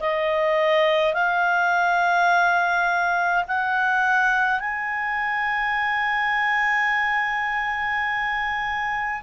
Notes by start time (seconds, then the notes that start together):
0.00 D#5
1.14 F5
3.48 F#5
4.60 G#5